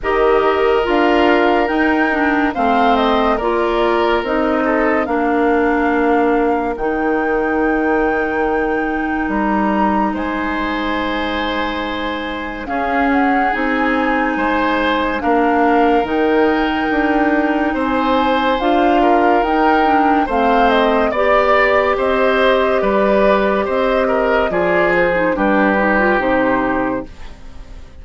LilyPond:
<<
  \new Staff \with { instrumentName = "flute" } { \time 4/4 \tempo 4 = 71 dis''4 f''4 g''4 f''8 dis''8 | d''4 dis''4 f''2 | g''2. ais''4 | gis''2. f''8 fis''8 |
gis''2 f''4 g''4~ | g''4 gis''4 f''4 g''4 | f''8 dis''8 d''4 dis''4 d''4 | dis''4 d''8 c''8 b'4 c''4 | }
  \new Staff \with { instrumentName = "oboe" } { \time 4/4 ais'2. c''4 | ais'4. a'8 ais'2~ | ais'1 | c''2. gis'4~ |
gis'4 c''4 ais'2~ | ais'4 c''4. ais'4. | c''4 d''4 c''4 b'4 | c''8 ais'8 gis'4 g'2 | }
  \new Staff \with { instrumentName = "clarinet" } { \time 4/4 g'4 f'4 dis'8 d'8 c'4 | f'4 dis'4 d'2 | dis'1~ | dis'2. cis'4 |
dis'2 d'4 dis'4~ | dis'2 f'4 dis'8 d'8 | c'4 g'2.~ | g'4 f'8. dis'16 d'8 dis'16 f'16 dis'4 | }
  \new Staff \with { instrumentName = "bassoon" } { \time 4/4 dis4 d'4 dis'4 a4 | ais4 c'4 ais2 | dis2. g4 | gis2. cis'4 |
c'4 gis4 ais4 dis4 | d'4 c'4 d'4 dis'4 | a4 b4 c'4 g4 | c'4 f4 g4 c4 | }
>>